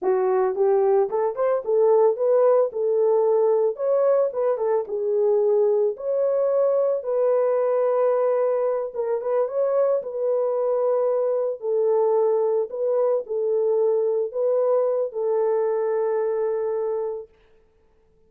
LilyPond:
\new Staff \with { instrumentName = "horn" } { \time 4/4 \tempo 4 = 111 fis'4 g'4 a'8 c''8 a'4 | b'4 a'2 cis''4 | b'8 a'8 gis'2 cis''4~ | cis''4 b'2.~ |
b'8 ais'8 b'8 cis''4 b'4.~ | b'4. a'2 b'8~ | b'8 a'2 b'4. | a'1 | }